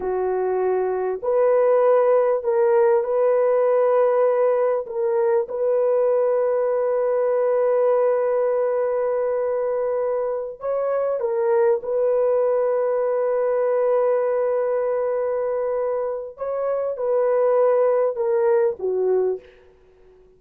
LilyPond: \new Staff \with { instrumentName = "horn" } { \time 4/4 \tempo 4 = 99 fis'2 b'2 | ais'4 b'2. | ais'4 b'2.~ | b'1~ |
b'4. cis''4 ais'4 b'8~ | b'1~ | b'2. cis''4 | b'2 ais'4 fis'4 | }